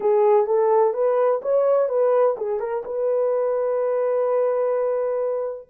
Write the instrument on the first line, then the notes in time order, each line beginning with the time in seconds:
horn
0.00 G#4
0.46 A4
0.93 B4
1.42 C#5
1.89 B4
2.37 G#4
2.59 A#4
2.84 B4